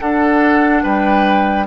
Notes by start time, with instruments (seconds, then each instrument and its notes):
0.00 bassoon D4, clarinet D4, oboe A4, flute F#5
0.83 bassoon G3, oboe B4, flute G5